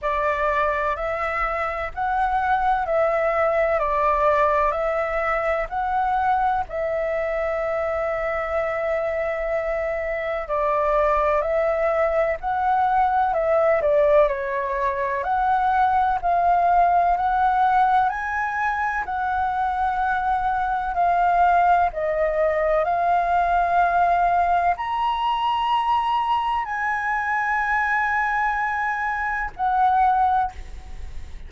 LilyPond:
\new Staff \with { instrumentName = "flute" } { \time 4/4 \tempo 4 = 63 d''4 e''4 fis''4 e''4 | d''4 e''4 fis''4 e''4~ | e''2. d''4 | e''4 fis''4 e''8 d''8 cis''4 |
fis''4 f''4 fis''4 gis''4 | fis''2 f''4 dis''4 | f''2 ais''2 | gis''2. fis''4 | }